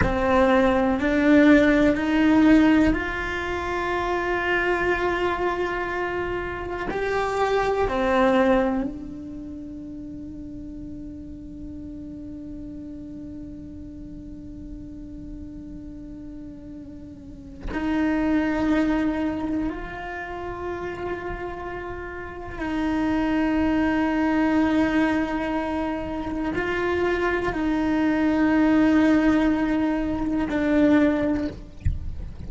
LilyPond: \new Staff \with { instrumentName = "cello" } { \time 4/4 \tempo 4 = 61 c'4 d'4 dis'4 f'4~ | f'2. g'4 | c'4 d'2.~ | d'1~ |
d'2 dis'2 | f'2. dis'4~ | dis'2. f'4 | dis'2. d'4 | }